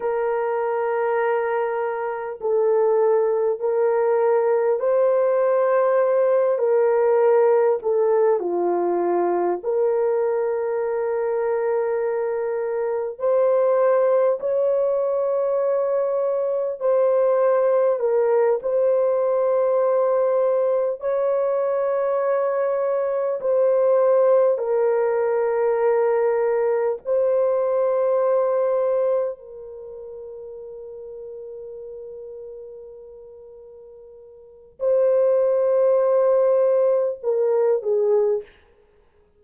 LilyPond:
\new Staff \with { instrumentName = "horn" } { \time 4/4 \tempo 4 = 50 ais'2 a'4 ais'4 | c''4. ais'4 a'8 f'4 | ais'2. c''4 | cis''2 c''4 ais'8 c''8~ |
c''4. cis''2 c''8~ | c''8 ais'2 c''4.~ | c''8 ais'2.~ ais'8~ | ais'4 c''2 ais'8 gis'8 | }